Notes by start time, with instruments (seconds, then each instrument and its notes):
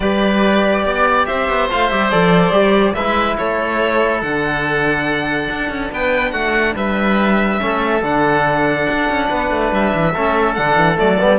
0.00 cello G3, trombone G4, oboe B4, violin D5
0.84 cello B3, oboe D5
1.25 cello C4, oboe C5, violin E5
1.49 cello B3
1.69 cello A3, trombone F4, violin F5
1.89 cello G3, trombone G4, violin E5
2.10 cello F3, trombone A4, violin D5
2.51 cello G3, trombone G4
2.93 cello G#3, trombone E4, oboe B4, violin E5
3.37 cello A3, oboe A4, violin C#5
4.21 cello D3, trombone D4, violin F#5
5.50 cello D4
5.69 cello C#4
5.92 cello B3, oboe B4, violin G5
6.31 cello A3, oboe F#4, violin F#5
6.75 cello G3, oboe B4, violin E5
7.59 cello A3, trombone C#4, oboe A4
8.01 cello D3, trombone D4, violin F#5
8.90 cello D4
9.09 cello C#4
9.29 cello B3, oboe B4
9.51 cello A3
9.71 cello G3, violin E5
9.93 cello E3
10.13 cello A3, trombone C#4, oboe A4
10.54 cello D3, trombone D4, violin F#5
10.76 cello E3
10.96 cello F#3, trombone A3, violin D5
11.20 cello G3, trombone B3